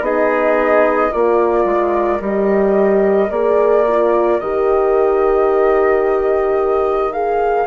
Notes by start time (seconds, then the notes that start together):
0.00 B3 D#4 G#4 D#5
1.11 A#3 F4 A#4 D5
1.64 G#3
2.20 G3 G4 D#5
3.30 A#3 G#4 D5
3.87 F4
4.39 D#3 G4 D#5
7.12 G#4 F5